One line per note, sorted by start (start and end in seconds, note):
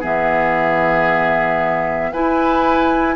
0.00 2.13 E3
0.00 2.13 B3
0.00 2.11 G#4
0.00 2.12 E5
2.12 3.15 E4
2.12 3.15 B4
2.12 3.15 G#5